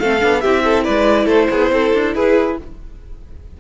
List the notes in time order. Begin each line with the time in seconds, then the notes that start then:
0.00 A3 C4 A4 F5
0.21 B3 D4
0.41 C4 E4 G4 E5
0.64 A4
0.84 G#3 B4 D5
1.26 A3 A4 C5
1.51 B3 G#4
1.72 C4 A4
1.94 D4
2.15 E4 G#4 B4